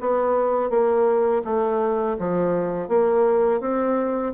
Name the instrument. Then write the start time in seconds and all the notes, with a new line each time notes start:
bassoon
0.00 B3
0.70 A#3
1.44 A3
2.18 F3
2.88 A#3
3.60 C4